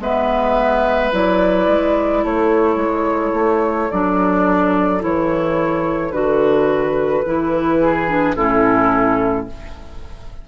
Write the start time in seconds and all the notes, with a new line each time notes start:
0.00 G#3 B3 B4 E5
1.12 F#3 E4 D5
1.68 G#3
2.24 A3 A4 C#5
2.76 G#3
3.34 A3
3.91 F#3 D4 D5
5.00 E3 E4 C#5
6.11 D3 F#4 B4
7.26 E3 E4
7.81 G#4
8.08 D4
8.36 A2 C#4 E4 A4